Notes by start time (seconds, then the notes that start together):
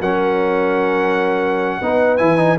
0.00 F#3 C#4 A#4 F#5
1.81 B3 D#4 B4
2.17 E3 E4 G#5
2.37 D#4